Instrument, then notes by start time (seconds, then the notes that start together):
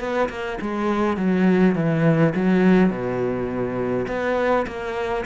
cello
0.00 B3
0.29 A#3
0.61 G#3
1.17 F#3
1.76 E3
2.35 F#3
2.90 B2
4.08 B3
4.67 A#3